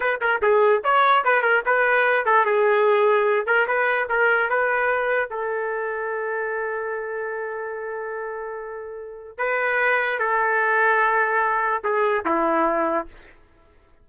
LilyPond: \new Staff \with { instrumentName = "trumpet" } { \time 4/4 \tempo 4 = 147 b'8 ais'8 gis'4 cis''4 b'8 ais'8 | b'4. a'8 gis'2~ | gis'8 ais'8 b'4 ais'4 b'4~ | b'4 a'2.~ |
a'1~ | a'2. b'4~ | b'4 a'2.~ | a'4 gis'4 e'2 | }